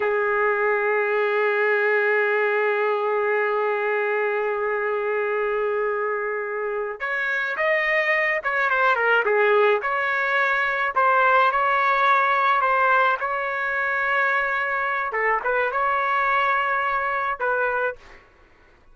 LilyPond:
\new Staff \with { instrumentName = "trumpet" } { \time 4/4 \tempo 4 = 107 gis'1~ | gis'1~ | gis'1~ | gis'8 cis''4 dis''4. cis''8 c''8 |
ais'8 gis'4 cis''2 c''8~ | c''8 cis''2 c''4 cis''8~ | cis''2. a'8 b'8 | cis''2. b'4 | }